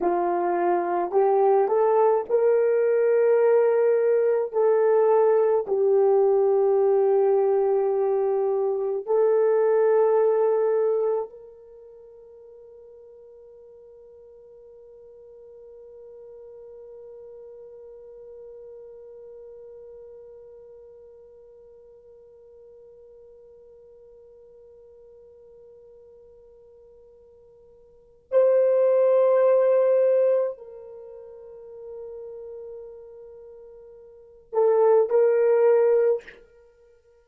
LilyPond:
\new Staff \with { instrumentName = "horn" } { \time 4/4 \tempo 4 = 53 f'4 g'8 a'8 ais'2 | a'4 g'2. | a'2 ais'2~ | ais'1~ |
ais'1~ | ais'1~ | ais'4 c''2 ais'4~ | ais'2~ ais'8 a'8 ais'4 | }